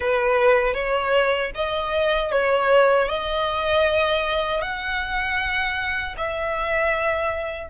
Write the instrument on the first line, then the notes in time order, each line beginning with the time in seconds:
violin
0.00 B4
0.74 C#5
1.55 D#5
2.31 C#5
3.08 D#5
4.61 F#5
6.17 E5